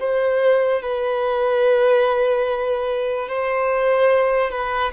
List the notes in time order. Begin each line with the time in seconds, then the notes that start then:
0.00 C5
0.82 B4
3.29 C5
4.51 B4